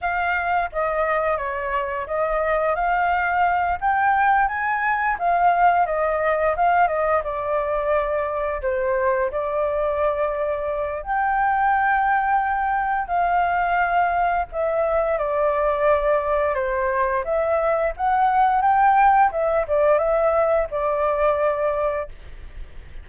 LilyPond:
\new Staff \with { instrumentName = "flute" } { \time 4/4 \tempo 4 = 87 f''4 dis''4 cis''4 dis''4 | f''4. g''4 gis''4 f''8~ | f''8 dis''4 f''8 dis''8 d''4.~ | d''8 c''4 d''2~ d''8 |
g''2. f''4~ | f''4 e''4 d''2 | c''4 e''4 fis''4 g''4 | e''8 d''8 e''4 d''2 | }